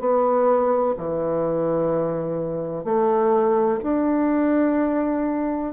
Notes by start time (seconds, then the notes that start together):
0.00 B3
0.98 E3
2.85 A3
3.83 D4